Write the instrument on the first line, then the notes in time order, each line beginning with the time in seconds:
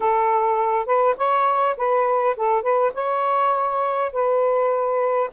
saxophone
0.00 A4
0.85 B4
1.17 C#5
1.77 B4
2.37 A4
2.62 B4
2.94 C#5
4.12 B4